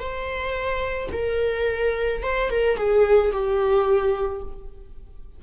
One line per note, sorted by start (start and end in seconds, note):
0.00 1.10 C5
1.13 2.23 A#4
2.23 2.51 C5
2.51 2.77 A#4
2.77 3.32 G#4
3.33 4.43 G4